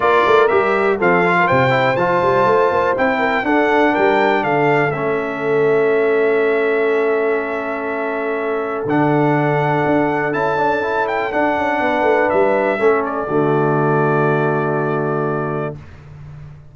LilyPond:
<<
  \new Staff \with { instrumentName = "trumpet" } { \time 4/4 \tempo 4 = 122 d''4 e''4 f''4 g''4 | a''2 g''4 fis''4 | g''4 f''4 e''2~ | e''1~ |
e''2 fis''2~ | fis''4 a''4. g''8 fis''4~ | fis''4 e''4. d''4.~ | d''1 | }
  \new Staff \with { instrumentName = "horn" } { \time 4/4 ais'2 a'8. ais'16 c''4~ | c''2~ c''8 ais'8 a'4 | ais'4 a'2.~ | a'1~ |
a'1~ | a'1 | b'2 a'4 fis'4~ | fis'1 | }
  \new Staff \with { instrumentName = "trombone" } { \time 4/4 f'4 g'4 c'8 f'4 e'8 | f'2 e'4 d'4~ | d'2 cis'2~ | cis'1~ |
cis'2 d'2~ | d'4 e'8 d'8 e'4 d'4~ | d'2 cis'4 a4~ | a1 | }
  \new Staff \with { instrumentName = "tuba" } { \time 4/4 ais8 a8 g4 f4 c4 | f8 g8 a8 ais8 c'4 d'4 | g4 d4 a2~ | a1~ |
a2 d2 | d'4 cis'2 d'8 cis'8 | b8 a8 g4 a4 d4~ | d1 | }
>>